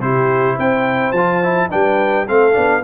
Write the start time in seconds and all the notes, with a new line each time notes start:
0.00 C3 E4 G4 C5
0.56 C4 C5 G5
1.12 F3 F4 A5
1.43 E4
1.69 G3 D4 B4 G5
2.26 A3 C4 A4 F5
2.52 B3 D4